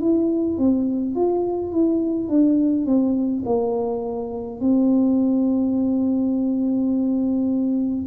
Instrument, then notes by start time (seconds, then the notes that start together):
tuba
0.00 E4
0.58 C4
1.15 F4
1.73 E4
2.29 D4
2.85 C4
3.45 A#3
4.60 C4